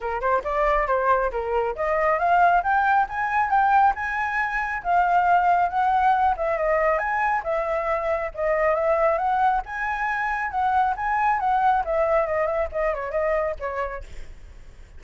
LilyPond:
\new Staff \with { instrumentName = "flute" } { \time 4/4 \tempo 4 = 137 ais'8 c''8 d''4 c''4 ais'4 | dis''4 f''4 g''4 gis''4 | g''4 gis''2 f''4~ | f''4 fis''4. e''8 dis''4 |
gis''4 e''2 dis''4 | e''4 fis''4 gis''2 | fis''4 gis''4 fis''4 e''4 | dis''8 e''8 dis''8 cis''8 dis''4 cis''4 | }